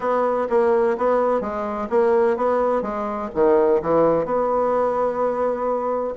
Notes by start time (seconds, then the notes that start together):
0.00 B3
0.49 A#3
0.97 B3
1.40 G#3
1.89 A#3
2.36 B3
2.82 G#3
3.34 D#3
3.81 E3
4.25 B3